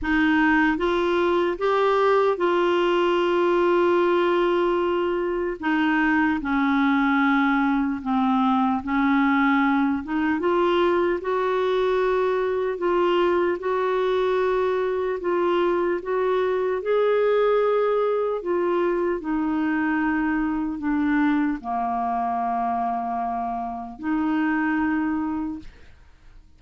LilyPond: \new Staff \with { instrumentName = "clarinet" } { \time 4/4 \tempo 4 = 75 dis'4 f'4 g'4 f'4~ | f'2. dis'4 | cis'2 c'4 cis'4~ | cis'8 dis'8 f'4 fis'2 |
f'4 fis'2 f'4 | fis'4 gis'2 f'4 | dis'2 d'4 ais4~ | ais2 dis'2 | }